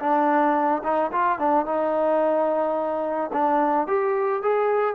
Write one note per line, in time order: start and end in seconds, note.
0.00 0.83 D4
0.84 1.11 D#4
1.12 1.39 F4
1.39 1.66 D4
1.66 3.31 D#4
3.33 3.87 D4
3.87 4.42 G4
4.43 4.95 G#4